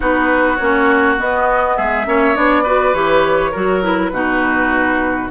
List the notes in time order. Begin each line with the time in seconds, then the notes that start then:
0.00 B3 D#4 F#4 B4
0.56 A#3 C#4 C#5
1.17 B3 D#5
1.76 G#3 G#4 E5
2.05 A#3 C#4 C#5
2.35 B3 D4 D5
2.63 F#4 B4
2.93 E3 G4 C#5
3.51 F#3 F#4 A#4
3.82 E4 B4
4.11 B2 D#4 F#4